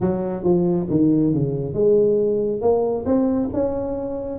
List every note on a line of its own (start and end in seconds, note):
0.00 0.43 F#3
0.43 0.87 F3
0.90 1.33 D#3
1.33 1.73 C#3
1.73 2.61 G#3
2.61 3.04 A#3
3.05 3.49 C4
3.53 4.38 C#4